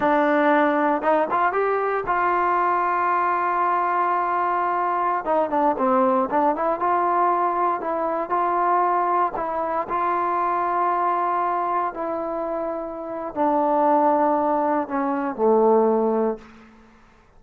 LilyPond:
\new Staff \with { instrumentName = "trombone" } { \time 4/4 \tempo 4 = 117 d'2 dis'8 f'8 g'4 | f'1~ | f'2~ f'16 dis'8 d'8 c'8.~ | c'16 d'8 e'8 f'2 e'8.~ |
e'16 f'2 e'4 f'8.~ | f'2.~ f'16 e'8.~ | e'2 d'2~ | d'4 cis'4 a2 | }